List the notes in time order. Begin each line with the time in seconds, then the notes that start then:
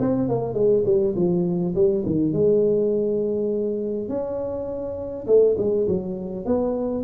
0.00 C4
0.29 A#3
0.54 G#3
0.86 G3
1.16 F3
1.75 G3
2.06 D#3
2.33 G#3
4.09 C#4
5.27 A3
5.58 G#3
5.88 F#3
6.45 B3